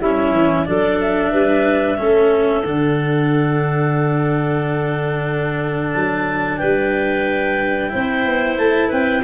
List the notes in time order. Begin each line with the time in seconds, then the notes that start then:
0.00 G3 C#4 E4 E5
0.31 E3
0.65 F#3 D4 A4 D5
1.00 E5
1.31 G3 B4
1.97 A3 C#4 A4
2.63 D3 D4 F#5
5.93 F#3 A5
6.57 G3 B4 G5
7.88 C4 E4 C5
8.25 B3
8.58 A3 A5
8.88 C4 B4 G5